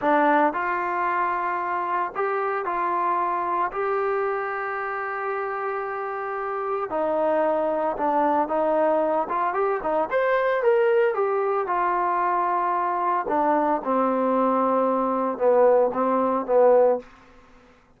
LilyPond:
\new Staff \with { instrumentName = "trombone" } { \time 4/4 \tempo 4 = 113 d'4 f'2. | g'4 f'2 g'4~ | g'1~ | g'4 dis'2 d'4 |
dis'4. f'8 g'8 dis'8 c''4 | ais'4 g'4 f'2~ | f'4 d'4 c'2~ | c'4 b4 c'4 b4 | }